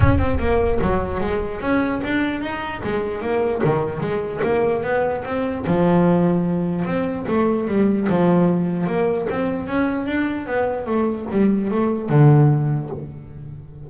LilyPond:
\new Staff \with { instrumentName = "double bass" } { \time 4/4 \tempo 4 = 149 cis'8 c'8 ais4 fis4 gis4 | cis'4 d'4 dis'4 gis4 | ais4 dis4 gis4 ais4 | b4 c'4 f2~ |
f4 c'4 a4 g4 | f2 ais4 c'4 | cis'4 d'4 b4 a4 | g4 a4 d2 | }